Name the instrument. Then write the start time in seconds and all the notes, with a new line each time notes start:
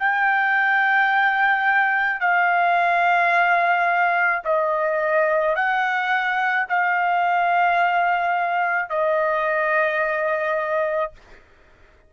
trumpet
0.00 G5
2.20 F5
4.44 D#5
5.56 F#5
6.69 F5
8.90 D#5